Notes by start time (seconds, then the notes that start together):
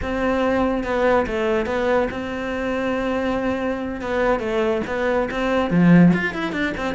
0.01 C4
0.83 B3
1.26 A3
1.66 B3
2.10 C4
4.01 B3
4.39 A3
4.86 B3
5.30 C4
5.70 F3
6.13 F4
6.34 E4
6.52 D4
6.77 C4